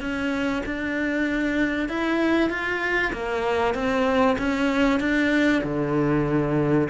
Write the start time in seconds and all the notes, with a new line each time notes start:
0.00 C#4
0.65 D4
1.88 E4
2.49 F4
3.13 A#3
3.74 C4
4.38 C#4
5.00 D4
5.63 D3